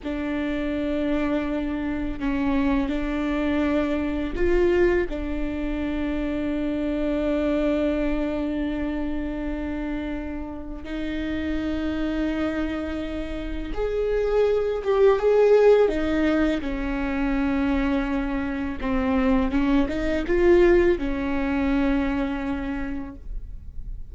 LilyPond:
\new Staff \with { instrumentName = "viola" } { \time 4/4 \tempo 4 = 83 d'2. cis'4 | d'2 f'4 d'4~ | d'1~ | d'2. dis'4~ |
dis'2. gis'4~ | gis'8 g'8 gis'4 dis'4 cis'4~ | cis'2 c'4 cis'8 dis'8 | f'4 cis'2. | }